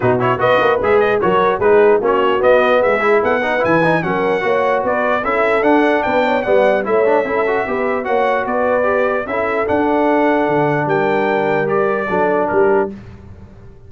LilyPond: <<
  \new Staff \with { instrumentName = "trumpet" } { \time 4/4 \tempo 4 = 149 b'8 cis''8 dis''4 e''8 dis''8 cis''4 | b'4 cis''4 dis''4 e''4 | fis''4 gis''4 fis''2 | d''4 e''4 fis''4 g''4 |
fis''4 e''2. | fis''4 d''2 e''4 | fis''2. g''4~ | g''4 d''2 ais'4 | }
  \new Staff \with { instrumentName = "horn" } { \time 4/4 fis'4 b'2 ais'4 | gis'4 fis'2 gis'4 | a'8 b'4. ais'4 cis''4 | b'4 a'2 b'8 cis''8 |
d''4 cis''4 a'4 b'4 | cis''4 b'2 a'4~ | a'2. ais'4~ | ais'2 a'4 g'4 | }
  \new Staff \with { instrumentName = "trombone" } { \time 4/4 dis'8 e'8 fis'4 gis'4 fis'4 | dis'4 cis'4 b4. e'8~ | e'8 dis'8 e'8 dis'8 cis'4 fis'4~ | fis'4 e'4 d'2 |
b4 e'8 d'8 e'8 fis'8 g'4 | fis'2 g'4 e'4 | d'1~ | d'4 g'4 d'2 | }
  \new Staff \with { instrumentName = "tuba" } { \time 4/4 b,4 b8 ais8 gis4 fis4 | gis4 ais4 b4 gis4 | b4 e4 fis4 ais4 | b4 cis'4 d'4 b4 |
g4 a4 cis'4 b4 | ais4 b2 cis'4 | d'2 d4 g4~ | g2 fis4 g4 | }
>>